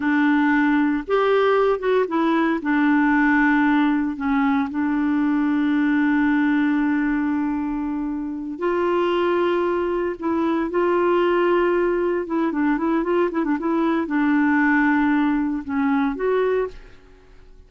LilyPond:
\new Staff \with { instrumentName = "clarinet" } { \time 4/4 \tempo 4 = 115 d'2 g'4. fis'8 | e'4 d'2. | cis'4 d'2.~ | d'1~ |
d'8 f'2. e'8~ | e'8 f'2. e'8 | d'8 e'8 f'8 e'16 d'16 e'4 d'4~ | d'2 cis'4 fis'4 | }